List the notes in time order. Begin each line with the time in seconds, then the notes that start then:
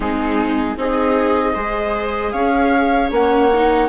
0.00 G#3 C4 D#4 G#4
0.76 C4 D#4 G#4 D#5
1.54 G#3 G#4 C5
2.31 C#4 C#5 F5
3.10 A#3 C#4 F#5
3.53 D#4